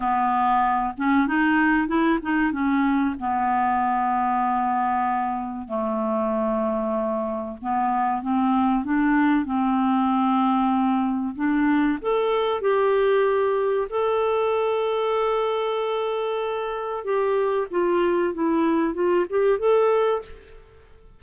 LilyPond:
\new Staff \with { instrumentName = "clarinet" } { \time 4/4 \tempo 4 = 95 b4. cis'8 dis'4 e'8 dis'8 | cis'4 b2.~ | b4 a2. | b4 c'4 d'4 c'4~ |
c'2 d'4 a'4 | g'2 a'2~ | a'2. g'4 | f'4 e'4 f'8 g'8 a'4 | }